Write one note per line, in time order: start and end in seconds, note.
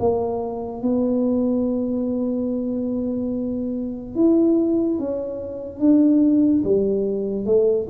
0.00 0.83 A#3
0.83 4.16 B3
4.16 4.99 E4
4.99 5.80 C#4
5.80 6.63 D4
6.64 7.46 G3
7.46 7.87 A3